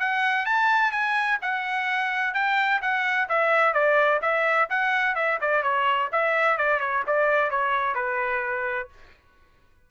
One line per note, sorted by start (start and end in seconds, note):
0.00 0.46 F#5
0.46 0.92 A5
0.92 1.39 G#5
1.42 2.34 F#5
2.34 2.81 G5
2.82 3.29 F#5
3.29 3.74 E5
3.74 4.21 D5
4.22 4.69 E5
4.70 5.16 F#5
5.16 5.39 E5
5.41 5.63 D5
5.63 6.10 C#5
6.12 6.58 E5
6.58 6.80 D5
6.80 7.04 C#5
7.07 7.51 D5
7.51 7.95 C#5
7.95 8.89 B4